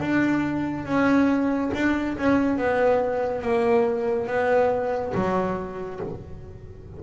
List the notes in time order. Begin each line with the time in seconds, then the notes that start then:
0.00 D4
0.85 C#4
1.75 D4
2.18 C#4
2.58 B3
3.42 A#3
4.28 B3
5.15 F#3